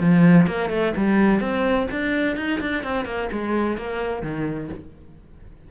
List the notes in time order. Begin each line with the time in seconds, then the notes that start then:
0.00 F3
0.47 A#3
0.69 A3
0.96 G3
1.40 C4
1.91 D4
2.36 D#4
2.60 D4
2.84 C4
3.05 A#3
3.32 G#3
3.77 A#3
4.22 D#3